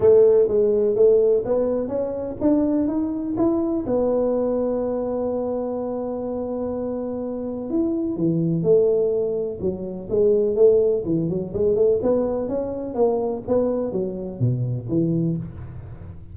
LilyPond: \new Staff \with { instrumentName = "tuba" } { \time 4/4 \tempo 4 = 125 a4 gis4 a4 b4 | cis'4 d'4 dis'4 e'4 | b1~ | b1 |
e'4 e4 a2 | fis4 gis4 a4 e8 fis8 | gis8 a8 b4 cis'4 ais4 | b4 fis4 b,4 e4 | }